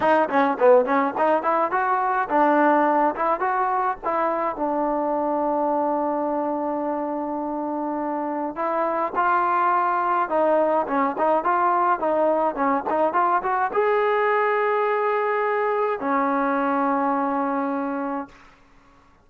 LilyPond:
\new Staff \with { instrumentName = "trombone" } { \time 4/4 \tempo 4 = 105 dis'8 cis'8 b8 cis'8 dis'8 e'8 fis'4 | d'4. e'8 fis'4 e'4 | d'1~ | d'2. e'4 |
f'2 dis'4 cis'8 dis'8 | f'4 dis'4 cis'8 dis'8 f'8 fis'8 | gis'1 | cis'1 | }